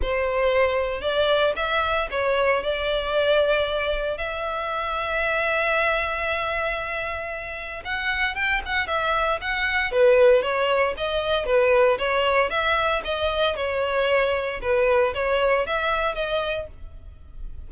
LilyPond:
\new Staff \with { instrumentName = "violin" } { \time 4/4 \tempo 4 = 115 c''2 d''4 e''4 | cis''4 d''2. | e''1~ | e''2. fis''4 |
g''8 fis''8 e''4 fis''4 b'4 | cis''4 dis''4 b'4 cis''4 | e''4 dis''4 cis''2 | b'4 cis''4 e''4 dis''4 | }